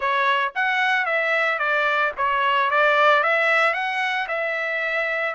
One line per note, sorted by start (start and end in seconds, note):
0.00 0.52 C#5
0.55 1.05 F#5
1.05 1.58 E5
1.58 2.12 D5
2.17 2.70 C#5
2.70 3.23 D5
3.23 3.73 E5
3.73 4.27 F#5
4.28 5.34 E5